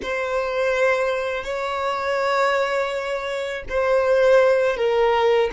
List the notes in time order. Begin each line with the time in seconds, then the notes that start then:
0.02 C5
1.43 C#5
3.69 C5
4.76 A#4